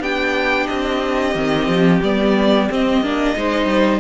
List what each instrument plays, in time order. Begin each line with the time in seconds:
0.00 cello B3, viola D4, violin G4 G5
0.67 cello C4, violin D#5
1.35 cello D#3, viola C4
1.67 cello F3
2.03 cello G3, viola B3, violin D5
2.70 viola C4, cello C4, violin D#5
3.01 cello A#3, viola D4
3.36 cello G#3, viola D#4, violin C5
3.66 cello G3